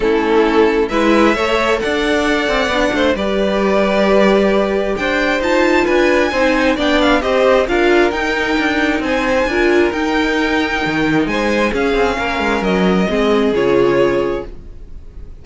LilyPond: <<
  \new Staff \with { instrumentName = "violin" } { \time 4/4 \tempo 4 = 133 a'2 e''2 | fis''2. d''4~ | d''2. g''4 | a''4 gis''2 g''8 f''8 |
dis''4 f''4 g''2 | gis''2 g''2~ | g''4 gis''4 f''2 | dis''2 cis''2 | }
  \new Staff \with { instrumentName = "violin" } { \time 4/4 e'2 b'4 cis''4 | d''2~ d''8 c''8 b'4~ | b'2. c''4~ | c''4 b'4 c''4 d''4 |
c''4 ais'2. | c''4 ais'2.~ | ais'4 c''4 gis'4 ais'4~ | ais'4 gis'2. | }
  \new Staff \with { instrumentName = "viola" } { \time 4/4 cis'2 e'4 a'4~ | a'2 d'4 g'4~ | g'1 | f'2 dis'4 d'4 |
g'4 f'4 dis'2~ | dis'4 f'4 dis'2~ | dis'2 cis'2~ | cis'4 c'4 f'2 | }
  \new Staff \with { instrumentName = "cello" } { \time 4/4 a2 gis4 a4 | d'4. c'8 b8 a8 g4~ | g2. d'4 | dis'4 d'4 c'4 b4 |
c'4 d'4 dis'4 d'4 | c'4 d'4 dis'2 | dis4 gis4 cis'8 c'8 ais8 gis8 | fis4 gis4 cis2 | }
>>